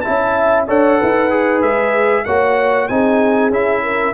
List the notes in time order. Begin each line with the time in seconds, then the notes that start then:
0.00 E4 E5 A5
0.08 C#4
0.67 D4 A4 C#5 F#5
0.98 D#4 B4
1.30 G#4
1.61 G#3 E5
2.24 A#3 F#4 C#5 F#5
2.87 C4 D#4 G#4 G#5
3.50 C#4 E4 E5
3.82 A#4